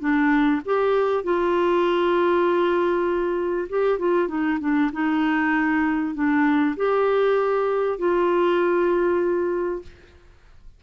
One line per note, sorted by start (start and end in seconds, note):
0.00 0.61 D4
0.65 1.24 G4
1.24 3.69 F4
3.70 3.99 G4
3.99 4.28 F4
4.28 4.59 D#4
4.60 4.91 D4
4.93 6.14 D#4
6.14 6.76 D4
6.77 7.99 G4
7.99 9.82 F4